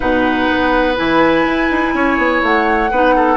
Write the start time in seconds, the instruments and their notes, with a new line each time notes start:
0.00 bassoon B2, clarinet D#4, oboe B4, flute F#5
0.49 bassoon B3
0.95 bassoon E3, clarinet E4, flute G#5
1.45 bassoon E4
1.71 bassoon D#4
1.93 bassoon C#4, oboe C#5
2.17 bassoon B3
2.42 bassoon A3, flute F#5
2.90 bassoon B3, clarinet D#4, oboe B4
3.16 oboe A4